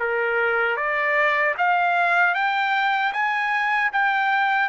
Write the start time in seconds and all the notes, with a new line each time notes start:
0.00 A#4
0.77 D5
1.58 F5
2.35 G5
3.13 G#5
3.93 G5